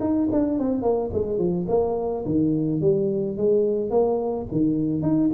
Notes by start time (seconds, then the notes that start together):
0.00 D#4
0.32 D4
0.59 C4
0.82 A#3
1.13 G#3
1.38 F3
1.68 A#3
2.25 D#3
2.81 G3
3.37 G#3
3.90 A#3
4.51 D#3
5.02 D#4